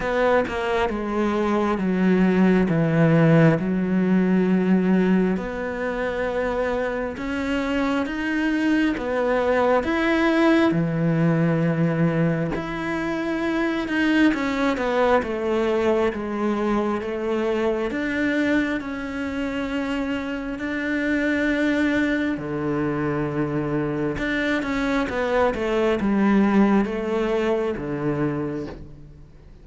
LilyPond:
\new Staff \with { instrumentName = "cello" } { \time 4/4 \tempo 4 = 67 b8 ais8 gis4 fis4 e4 | fis2 b2 | cis'4 dis'4 b4 e'4 | e2 e'4. dis'8 |
cis'8 b8 a4 gis4 a4 | d'4 cis'2 d'4~ | d'4 d2 d'8 cis'8 | b8 a8 g4 a4 d4 | }